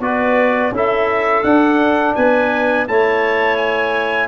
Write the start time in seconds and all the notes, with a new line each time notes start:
0.00 B3 F#4 B4 D5
0.72 C#4 E4 A4 E5
1.43 D4 F#5
2.15 B3 B4 G#5
2.88 A3 E4 C#5 A5
3.57 G#5